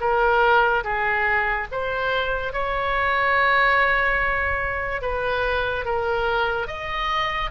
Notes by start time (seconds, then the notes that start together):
0.00 A#4
0.84 G#4
1.72 C5
2.53 C#5
5.02 B4
5.85 A#4
6.67 D#5